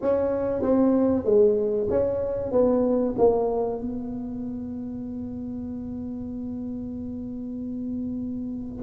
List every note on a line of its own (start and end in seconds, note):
0.01 0.61 C#4
0.61 1.24 C4
1.24 1.87 G#3
1.90 2.51 C#4
2.51 3.14 B3
3.18 3.81 A#3
3.81 8.82 B3